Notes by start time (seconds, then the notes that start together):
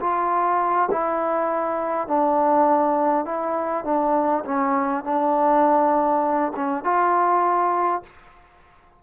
0.00 F4
0.91 E4
2.07 D4
3.25 E4
3.85 D4
4.45 C#4
5.04 D4
6.56 C#4
6.84 F4